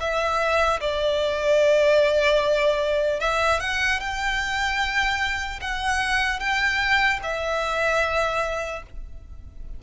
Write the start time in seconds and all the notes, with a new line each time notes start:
0.00 E5
0.80 D5
3.20 E5
3.60 F#5
4.00 G5
5.61 F#5
6.40 G5
7.23 E5